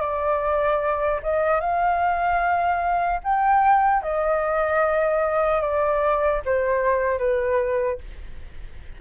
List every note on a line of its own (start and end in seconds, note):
0.00 1.20 D5
1.22 1.60 D#5
1.60 3.20 F5
3.23 4.02 G5
4.02 5.61 D#5
5.61 6.41 D5
6.45 7.18 C5
7.18 7.98 B4